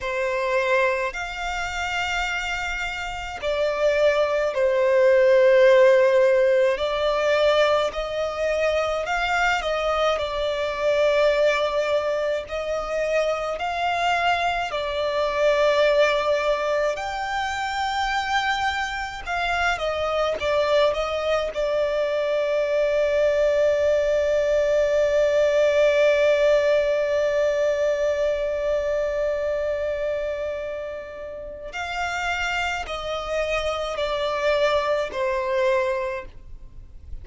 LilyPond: \new Staff \with { instrumentName = "violin" } { \time 4/4 \tempo 4 = 53 c''4 f''2 d''4 | c''2 d''4 dis''4 | f''8 dis''8 d''2 dis''4 | f''4 d''2 g''4~ |
g''4 f''8 dis''8 d''8 dis''8 d''4~ | d''1~ | d''1 | f''4 dis''4 d''4 c''4 | }